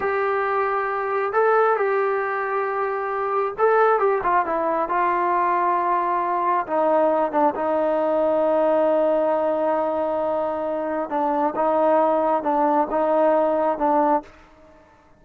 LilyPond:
\new Staff \with { instrumentName = "trombone" } { \time 4/4 \tempo 4 = 135 g'2. a'4 | g'1 | a'4 g'8 f'8 e'4 f'4~ | f'2. dis'4~ |
dis'8 d'8 dis'2.~ | dis'1~ | dis'4 d'4 dis'2 | d'4 dis'2 d'4 | }